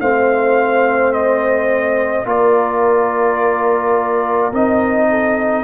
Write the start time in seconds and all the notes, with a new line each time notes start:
0.00 A3 C4 C5 F5
1.13 D#5
2.25 A#3 F4 A#4 D5
4.52 C4 D#4 D#5
5.09 A4